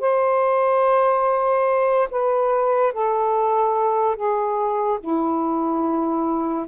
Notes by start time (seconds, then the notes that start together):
0.00 C5
2.11 B4
2.92 A4
4.15 G#4
5.00 E4